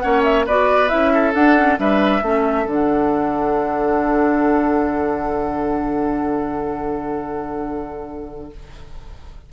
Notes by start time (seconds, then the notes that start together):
0.00 A#3 C#4 C#5 F#5
0.24 E5
0.46 B3 F#4 B4 D5
0.88 C#4 E4 E5
1.13 A4
1.34 D4 F#5
1.57 C#4
1.77 G3 D4 B4 E5
2.22 A3 C#4 A4
2.66 D3 D4 F#5